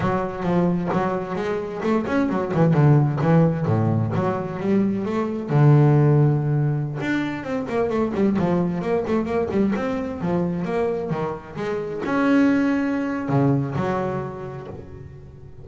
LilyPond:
\new Staff \with { instrumentName = "double bass" } { \time 4/4 \tempo 4 = 131 fis4 f4 fis4 gis4 | a8 cis'8 fis8 e8 d4 e4 | a,4 fis4 g4 a4 | d2.~ d16 d'8.~ |
d'16 c'8 ais8 a8 g8 f4 ais8 a16~ | a16 ais8 g8 c'4 f4 ais8.~ | ais16 dis4 gis4 cis'4.~ cis'16~ | cis'4 cis4 fis2 | }